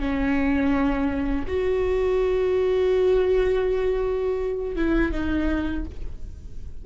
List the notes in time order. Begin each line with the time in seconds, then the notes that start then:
0.00 C#4
1.48 F#4
4.76 E4
5.13 D#4